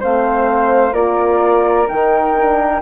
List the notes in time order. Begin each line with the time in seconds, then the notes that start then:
0.00 A3 C4 C5 F5
0.93 A#3 F4 A#4 D5
1.88 D#3 D#4 G5
2.37 D4